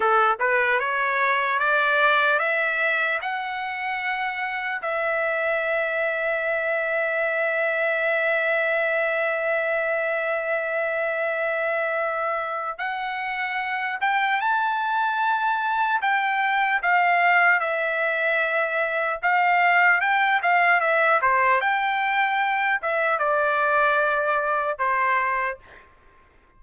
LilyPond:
\new Staff \with { instrumentName = "trumpet" } { \time 4/4 \tempo 4 = 75 a'8 b'8 cis''4 d''4 e''4 | fis''2 e''2~ | e''1~ | e''1 |
fis''4. g''8 a''2 | g''4 f''4 e''2 | f''4 g''8 f''8 e''8 c''8 g''4~ | g''8 e''8 d''2 c''4 | }